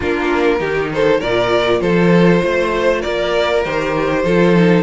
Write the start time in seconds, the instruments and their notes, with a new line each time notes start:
0.00 cello A#3, viola D4, violin F4 A#4
0.59 cello D#3, viola D#4, violin G4
0.92 violin A4 C5
1.19 cello A#2, viola F4, violin A#4 D5
1.80 cello F3, violin A4 C5
2.43 cello A3, violin C5
3.01 cello A#3, violin A#4 D5
3.64 cello D#3, viola G4, violin C5
4.23 cello F3, viola F4, violin A4
4.55 viola D#4